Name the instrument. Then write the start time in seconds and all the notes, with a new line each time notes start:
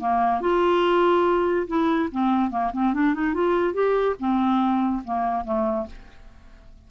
clarinet
0.00 A#3
0.41 F4
1.68 E4
2.12 C4
2.51 A#3
2.73 C4
2.94 D4
3.14 D#4
3.35 F4
3.74 G4
4.19 C4
5.05 A#3
5.45 A3